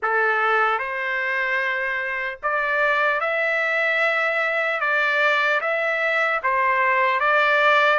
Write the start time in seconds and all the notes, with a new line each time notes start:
0.02 A4
0.79 C5
2.43 D5
3.20 E5
4.80 D5
5.60 E5
6.43 C5
7.20 D5